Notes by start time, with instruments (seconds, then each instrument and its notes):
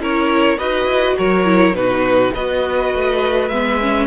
0.00 cello C#4, viola E4, violin A#4 C#5
0.58 cello D#4, viola F#4, violin B4 D#5
0.85 cello E4
1.18 cello F#3, violin A#4 C#5
1.45 viola E4
1.72 cello B2, viola D#4, violin F#4 B4
2.34 cello B3, viola F#4, violin B4 D#5
2.94 cello A3
3.49 cello G#3, viola B3, violin E5
3.81 viola C#4